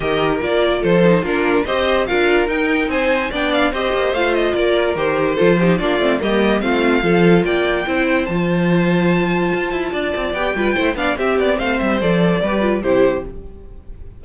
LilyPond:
<<
  \new Staff \with { instrumentName = "violin" } { \time 4/4 \tempo 4 = 145 dis''4 d''4 c''4 ais'4 | dis''4 f''4 g''4 gis''4 | g''8 f''8 dis''4 f''8 dis''8 d''4 | c''2 d''4 dis''4 |
f''2 g''2 | a''1~ | a''4 g''4. f''8 e''8 d''8 | f''8 e''8 d''2 c''4 | }
  \new Staff \with { instrumentName = "violin" } { \time 4/4 ais'2 a'4 f'4 | c''4 ais'2 c''4 | d''4 c''2 ais'4~ | ais'4 a'8 g'8 f'4 g'4 |
f'4 a'4 d''4 c''4~ | c''1 | d''4. b'8 c''8 d''8 g'4 | c''2 b'4 g'4 | }
  \new Staff \with { instrumentName = "viola" } { \time 4/4 g'4 f'4. dis'8 d'4 | g'4 f'4 dis'2 | d'4 g'4 f'2 | g'4 f'8 dis'8 d'8 c'8 ais4 |
c'4 f'2 e'4 | f'1~ | f'4 g'8 f'8 e'8 d'8 c'4~ | c'4 a'4 g'8 f'8 e'4 | }
  \new Staff \with { instrumentName = "cello" } { \time 4/4 dis4 ais4 f4 ais4 | c'4 d'4 dis'4 c'4 | b4 c'8 ais8 a4 ais4 | dis4 f4 ais8 a8 g4 |
a4 f4 ais4 c'4 | f2. f'8 e'8 | d'8 c'8 b8 g8 a8 b8 c'8 b8 | a8 g8 f4 g4 c4 | }
>>